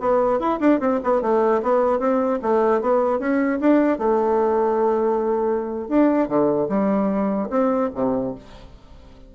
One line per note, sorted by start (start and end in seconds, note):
0.00 0.39 B3
0.39 0.59 E4
0.60 0.80 D4
0.80 1.00 C4
1.03 1.21 B3
1.21 1.61 A3
1.62 1.99 B3
1.99 2.39 C4
2.42 2.81 A3
2.81 3.19 B3
3.19 3.59 C#4
3.60 3.98 D4
3.98 5.88 A3
5.88 6.28 D4
6.28 6.68 D3
6.69 7.49 G3
7.50 7.90 C4
7.95 8.35 C3